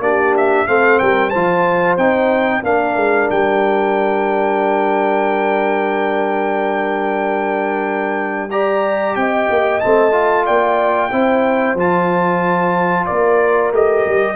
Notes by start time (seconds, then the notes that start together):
0.00 A#3 D4 G4 D5
0.37 E5
0.67 A3 C4 A4 F5
0.99 G3 A#4 G5
1.29 F3 F4 C5 A5
1.97 C4 D#4 G5
2.63 A#3 D4 A#4 F5
2.96 G#3
3.30 G3 G5
8.51 G4 D5 A#5
9.15 C4 D#5 G5
9.50 A#3
9.80 A3 C4 A5
10.11 F4
10.46 A#3 D5 G5
11.12 C4 E4 C5
11.74 F3 F4 A5
13.06 A#3 A#4 D5
13.72 A3 G4 D#5
14.06 G3